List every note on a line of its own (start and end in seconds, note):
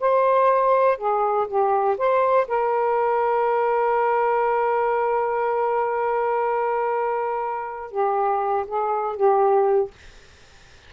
0.00 0.98 C5
0.98 1.47 G#4
1.47 1.97 G4
1.98 2.47 C5
2.47 7.91 A#4
7.91 8.65 G4
8.67 9.16 G#4
9.16 9.91 G4